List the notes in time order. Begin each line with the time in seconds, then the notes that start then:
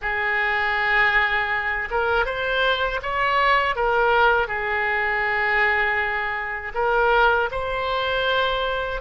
0.01 G#4
1.91 A#4
2.25 C5
3.02 C#5
3.75 A#4
4.47 G#4
6.74 A#4
7.51 C5